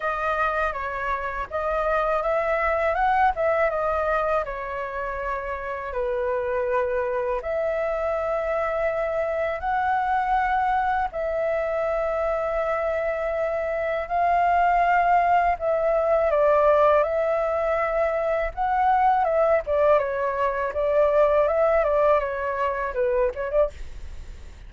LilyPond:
\new Staff \with { instrumentName = "flute" } { \time 4/4 \tempo 4 = 81 dis''4 cis''4 dis''4 e''4 | fis''8 e''8 dis''4 cis''2 | b'2 e''2~ | e''4 fis''2 e''4~ |
e''2. f''4~ | f''4 e''4 d''4 e''4~ | e''4 fis''4 e''8 d''8 cis''4 | d''4 e''8 d''8 cis''4 b'8 cis''16 d''16 | }